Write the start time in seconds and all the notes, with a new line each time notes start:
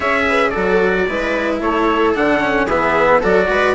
0.00 C#4 G#4 C#5 E5
0.28 B4
0.49 F#4 A4 D5
0.56 F#3
1.08 G#3 E4 B4
1.60 A3 A4 C#5
2.15 D3 D4 F#5
2.40 C#4
2.65 E3 B3 G#4 E5
3.20 F#3 F#4 A4 D5
3.49 G#3 B4